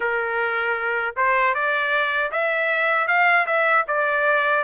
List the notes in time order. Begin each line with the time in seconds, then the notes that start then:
0.00 A#4
1.16 C5
1.54 D5
2.31 E5
3.07 F5
3.46 E5
3.87 D5